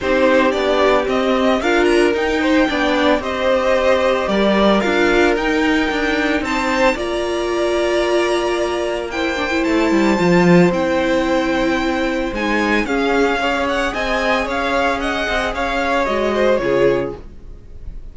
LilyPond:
<<
  \new Staff \with { instrumentName = "violin" } { \time 4/4 \tempo 4 = 112 c''4 d''4 dis''4 f''8 ais''8 | g''2 dis''2 | d''4 f''4 g''2 | a''4 ais''2.~ |
ais''4 g''4 a''2 | g''2. gis''4 | f''4. fis''8 gis''4 f''4 | fis''4 f''4 dis''4 cis''4 | }
  \new Staff \with { instrumentName = "violin" } { \time 4/4 g'2. ais'4~ | ais'8 c''8 d''4 c''2 | ais'1 | c''4 d''2.~ |
d''4 c''2.~ | c''1 | gis'4 cis''4 dis''4 cis''4 | dis''4 cis''4. c''8 gis'4 | }
  \new Staff \with { instrumentName = "viola" } { \time 4/4 dis'4 d'4 c'4 f'4 | dis'4 d'4 g'2~ | g'4 f'4 dis'2~ | dis'4 f'2.~ |
f'4 e'8 d'16 e'4~ e'16 f'4 | e'2. dis'4 | cis'4 gis'2.~ | gis'2 fis'4 f'4 | }
  \new Staff \with { instrumentName = "cello" } { \time 4/4 c'4 b4 c'4 d'4 | dis'4 b4 c'2 | g4 d'4 dis'4 d'4 | c'4 ais2.~ |
ais2 a8 g8 f4 | c'2. gis4 | cis'2 c'4 cis'4~ | cis'8 c'8 cis'4 gis4 cis4 | }
>>